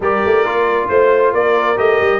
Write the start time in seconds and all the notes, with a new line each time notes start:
0.00 G3 G4 A#4 D5
0.25 A3
0.44 A#3 F4
0.88 A3 C5
1.33 A#3 A#4 D5
1.76 A3 G4 D#5
2.01 G3